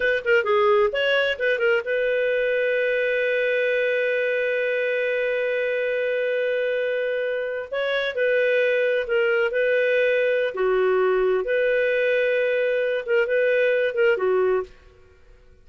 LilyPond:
\new Staff \with { instrumentName = "clarinet" } { \time 4/4 \tempo 4 = 131 b'8 ais'8 gis'4 cis''4 b'8 ais'8 | b'1~ | b'1~ | b'1~ |
b'8. cis''4 b'2 ais'16~ | ais'8. b'2~ b'16 fis'4~ | fis'4 b'2.~ | b'8 ais'8 b'4. ais'8 fis'4 | }